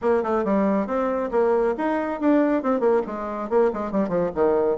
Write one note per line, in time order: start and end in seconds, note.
0.01 0.23 A#3
0.23 0.44 A3
0.44 0.86 G3
0.86 1.30 C4
1.31 1.74 A#3
1.77 2.20 D#4
2.20 2.62 D4
2.62 2.79 C4
2.79 3.01 A#3
3.06 3.49 G#3
3.49 3.71 A#3
3.73 3.91 G#3
3.91 4.08 G3
4.08 4.30 F3
4.35 4.77 D#3